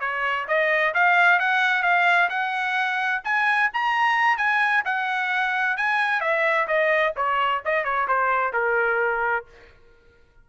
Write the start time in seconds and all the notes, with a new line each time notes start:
0.00 C#5
0.47 D#5
0.94 F5
1.39 F#5
1.83 F5
2.30 F#5
3.24 G#5
3.73 A#5
4.37 G#5
4.85 F#5
5.77 G#5
6.21 E5
6.67 D#5
7.16 C#5
7.65 D#5
7.84 C#5
8.07 C5
8.53 A#4